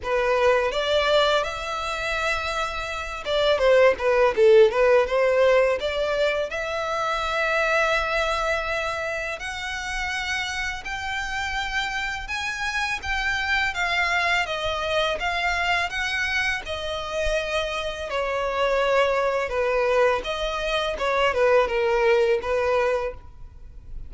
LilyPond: \new Staff \with { instrumentName = "violin" } { \time 4/4 \tempo 4 = 83 b'4 d''4 e''2~ | e''8 d''8 c''8 b'8 a'8 b'8 c''4 | d''4 e''2.~ | e''4 fis''2 g''4~ |
g''4 gis''4 g''4 f''4 | dis''4 f''4 fis''4 dis''4~ | dis''4 cis''2 b'4 | dis''4 cis''8 b'8 ais'4 b'4 | }